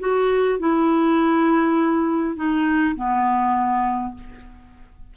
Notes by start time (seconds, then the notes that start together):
0.00 F#4
0.59 E4
2.36 D#4
2.96 B3